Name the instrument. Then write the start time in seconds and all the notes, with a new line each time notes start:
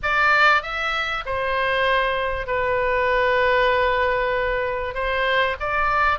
oboe
0.03 D5
0.62 E5
1.25 C5
2.47 B4
4.94 C5
5.60 D5